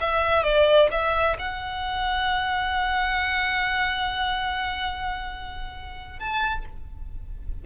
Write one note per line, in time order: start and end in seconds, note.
0.00 0.43 E5
0.43 0.89 D5
0.91 1.37 E5
1.38 6.19 F#5
6.19 6.65 A5